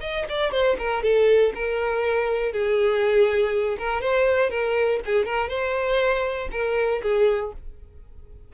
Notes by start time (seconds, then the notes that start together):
0.00 D#5
0.29 D5
0.51 C5
0.78 A#4
1.02 A4
1.54 A#4
2.52 G#4
3.78 A#4
4.01 C5
4.50 A#4
5.05 G#4
5.25 A#4
5.48 C5
6.51 A#4
7.02 G#4